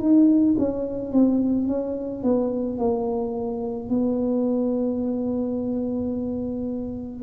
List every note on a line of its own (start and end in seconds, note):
0.00 0.56 D#4
0.59 1.13 C#4
1.13 1.68 C4
1.68 2.23 C#4
2.23 2.79 B3
2.79 3.90 A#3
3.90 7.23 B3